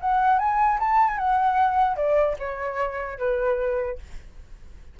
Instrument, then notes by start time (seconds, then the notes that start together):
flute
0.00 F#5
0.39 G#5
0.79 A5
1.08 G#5
1.18 F#5
1.96 D5
2.39 C#5
3.18 B4